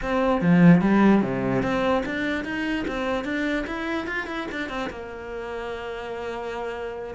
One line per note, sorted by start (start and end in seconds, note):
0.02 0.41 C4
0.41 0.81 F3
0.81 1.22 G3
1.22 1.62 C3
1.62 2.03 C4
2.05 2.44 D4
2.44 2.85 D#4
2.87 3.24 C4
3.24 3.65 D4
3.67 4.06 E4
4.06 4.26 F4
4.26 4.47 E4
4.51 4.69 D4
4.69 4.89 C4
4.90 7.14 A#3